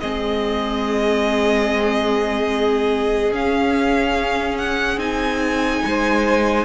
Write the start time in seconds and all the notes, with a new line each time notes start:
0.00 G#3 C4 G#4 D#5
3.31 C#4 F5
4.58 F#5
4.97 C4 D#4 G#5
5.85 G#3 C5